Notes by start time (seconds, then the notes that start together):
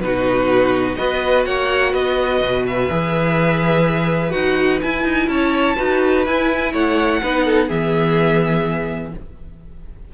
0.00 B2 D#4 F#4 B4
0.96 B3 F#4 B4 D#5
1.45 A#3 C#5 F#5
1.92 B3 B4 D#5
2.41 B2
2.66 E5
2.89 E3 G#4
4.30 D#4 F#4 F#5
4.82 E4 G#5
5.04 D#4
5.28 C#4 C#5 A5
5.76 D#4 F#4 B4
6.26 E4 G#5
6.73 A3 C#5 F#5
7.22 B3 D#4 B4
7.45 A4
7.67 E3 B3 G#4 E5